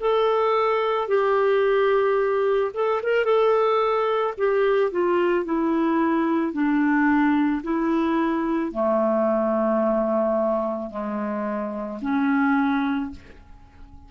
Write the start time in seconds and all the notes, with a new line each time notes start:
0.00 A4
1.08 G4
2.74 A4
3.02 A#4
3.24 A4
4.37 G4
4.91 F4
5.45 E4
6.53 D4
7.63 E4
8.72 A3
10.90 G#3
12.01 C#4